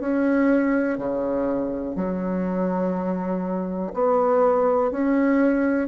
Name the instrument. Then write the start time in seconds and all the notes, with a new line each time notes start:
bassoon
0.00 C#4
0.98 C#3
1.96 F#3
3.93 B3
4.91 C#4